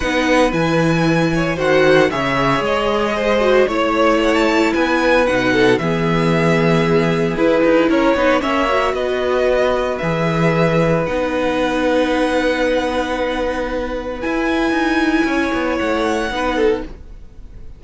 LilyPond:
<<
  \new Staff \with { instrumentName = "violin" } { \time 4/4 \tempo 4 = 114 fis''4 gis''2 fis''4 | e''4 dis''2 cis''4 | fis''16 a''8. gis''4 fis''4 e''4~ | e''2 b'4 cis''4 |
e''4 dis''2 e''4~ | e''4 fis''2.~ | fis''2. gis''4~ | gis''2 fis''2 | }
  \new Staff \with { instrumentName = "violin" } { \time 4/4 b'2~ b'8 cis''8 c''4 | cis''2 c''4 cis''4~ | cis''4 b'4. a'8 gis'4~ | gis'2. ais'8 b'8 |
cis''4 b'2.~ | b'1~ | b'1~ | b'4 cis''2 b'8 a'8 | }
  \new Staff \with { instrumentName = "viola" } { \time 4/4 dis'4 e'2 fis'4 | gis'2~ gis'8 fis'8 e'4~ | e'2 dis'4 b4~ | b2 e'4. dis'8 |
cis'8 fis'2~ fis'8 gis'4~ | gis'4 dis'2.~ | dis'2. e'4~ | e'2. dis'4 | }
  \new Staff \with { instrumentName = "cello" } { \time 4/4 b4 e2 dis4 | cis4 gis2 a4~ | a4 b4 b,4 e4~ | e2 e'8 dis'8 cis'8 b8 |
ais4 b2 e4~ | e4 b2.~ | b2. e'4 | dis'4 cis'8 b8 a4 b4 | }
>>